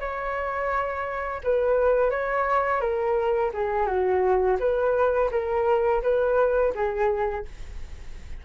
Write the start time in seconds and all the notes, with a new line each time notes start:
0.00 C#5
1.43 B4
2.10 C#5
2.80 A#4
3.54 G#4
3.86 F#4
4.59 B4
5.31 A#4
6.03 B4
6.75 G#4